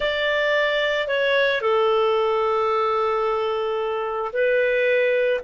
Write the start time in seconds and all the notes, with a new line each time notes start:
0.00 D5
1.07 C#5
1.61 A4
4.32 B4